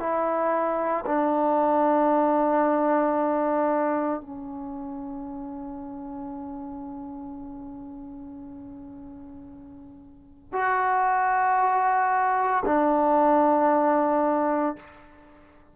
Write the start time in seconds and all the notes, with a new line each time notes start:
0.00 E4
1.06 D4
4.22 C#4
10.53 F#4
12.66 D4